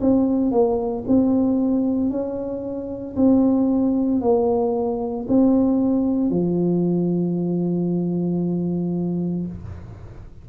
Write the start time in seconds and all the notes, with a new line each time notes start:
0.00 C4
0.51 A#3
1.07 C4
2.10 C#4
3.16 C4
4.21 A#3
5.28 C4
6.30 F3